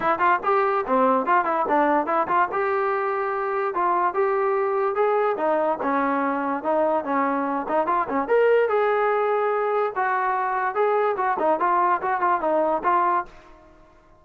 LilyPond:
\new Staff \with { instrumentName = "trombone" } { \time 4/4 \tempo 4 = 145 e'8 f'8 g'4 c'4 f'8 e'8 | d'4 e'8 f'8 g'2~ | g'4 f'4 g'2 | gis'4 dis'4 cis'2 |
dis'4 cis'4. dis'8 f'8 cis'8 | ais'4 gis'2. | fis'2 gis'4 fis'8 dis'8 | f'4 fis'8 f'8 dis'4 f'4 | }